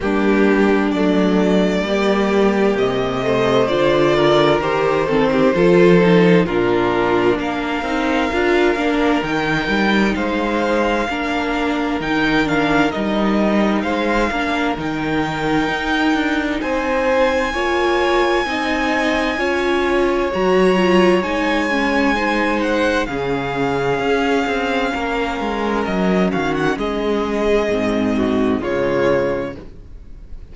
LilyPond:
<<
  \new Staff \with { instrumentName = "violin" } { \time 4/4 \tempo 4 = 65 g'4 d''2 dis''4 | d''4 c''2 ais'4 | f''2 g''4 f''4~ | f''4 g''8 f''8 dis''4 f''4 |
g''2 gis''2~ | gis''2 ais''4 gis''4~ | gis''8 fis''8 f''2. | dis''8 f''16 fis''16 dis''2 cis''4 | }
  \new Staff \with { instrumentName = "violin" } { \time 4/4 d'2 g'4. c''8~ | c''8 ais'4 a'16 g'16 a'4 f'4 | ais'2. c''4 | ais'2. c''8 ais'8~ |
ais'2 c''4 cis''4 | dis''4 cis''2. | c''4 gis'2 ais'4~ | ais'8 fis'8 gis'4. fis'8 f'4 | }
  \new Staff \with { instrumentName = "viola" } { \time 4/4 ais4 a4 ais4. a8 | f'4 g'8 c'8 f'8 dis'8 d'4~ | d'8 dis'8 f'8 d'8 dis'2 | d'4 dis'8 d'8 dis'4. d'8 |
dis'2. f'4 | dis'4 f'4 fis'8 f'8 dis'8 cis'8 | dis'4 cis'2.~ | cis'2 c'4 gis4 | }
  \new Staff \with { instrumentName = "cello" } { \time 4/4 g4 fis4 g4 c4 | d4 dis4 f4 ais,4 | ais8 c'8 d'8 ais8 dis8 g8 gis4 | ais4 dis4 g4 gis8 ais8 |
dis4 dis'8 d'8 c'4 ais4 | c'4 cis'4 fis4 gis4~ | gis4 cis4 cis'8 c'8 ais8 gis8 | fis8 dis8 gis4 gis,4 cis4 | }
>>